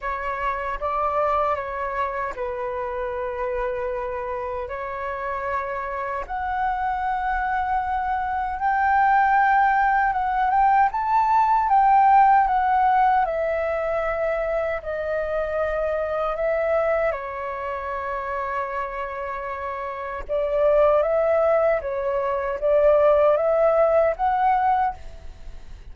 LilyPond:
\new Staff \with { instrumentName = "flute" } { \time 4/4 \tempo 4 = 77 cis''4 d''4 cis''4 b'4~ | b'2 cis''2 | fis''2. g''4~ | g''4 fis''8 g''8 a''4 g''4 |
fis''4 e''2 dis''4~ | dis''4 e''4 cis''2~ | cis''2 d''4 e''4 | cis''4 d''4 e''4 fis''4 | }